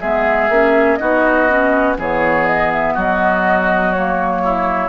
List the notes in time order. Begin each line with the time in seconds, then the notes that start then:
0.00 G#3 B3 G#4 E5
0.49 A#3 C#4
0.96 B3 D#4 F#4 D#5
1.49 C#4
1.98 E3 B3 G#4 C#5
2.46 D#5
2.72 E5
2.94 F#3 F#4 D#5
3.92 A#3 C#5
4.44 E4